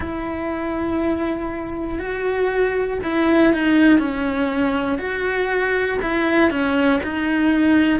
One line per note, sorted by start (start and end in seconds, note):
0.00 1.98 E4
1.98 2.98 F#4
3.03 3.53 E4
3.53 3.99 D#4
3.99 4.98 C#4
4.98 5.98 F#4
6.01 6.50 E4
6.50 7.00 C#4
7.03 8.00 D#4